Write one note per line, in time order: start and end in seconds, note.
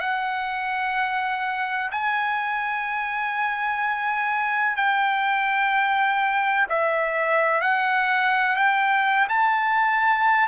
0.00 1.90 F#5
1.91 4.76 G#5
4.76 6.67 G5
6.69 7.61 E5
7.61 8.56 F#5
8.56 9.28 G5
9.29 10.48 A5